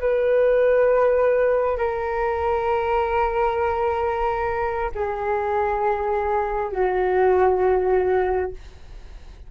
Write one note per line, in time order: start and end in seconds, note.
0.00 1.78 B4
1.78 4.91 A#4
4.95 6.72 G#4
6.72 8.52 F#4